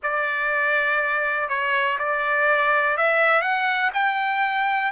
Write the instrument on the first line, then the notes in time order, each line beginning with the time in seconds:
trumpet
0.02 D5
1.48 C#5
1.99 D5
2.97 E5
3.42 F#5
3.93 G5